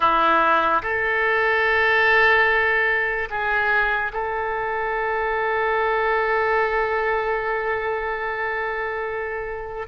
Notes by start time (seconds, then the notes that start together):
0.00 E4
0.82 A4
3.30 G#4
4.12 A4